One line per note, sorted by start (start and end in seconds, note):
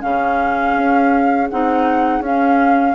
0.00 0.76 C#3
0.00 1.46 C#4
0.00 2.95 G#4
0.00 1.48 F5
0.76 1.49 C#4
1.50 2.20 C4
1.50 2.23 D#4
1.50 2.23 F#5
2.20 2.93 C#4
2.20 2.95 C#4
2.20 2.95 F5